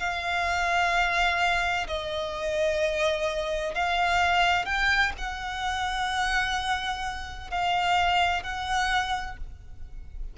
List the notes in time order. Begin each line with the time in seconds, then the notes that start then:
0.00 F5
1.88 D#5
3.75 F5
4.66 G5
5.18 F#5
7.51 F5
8.44 F#5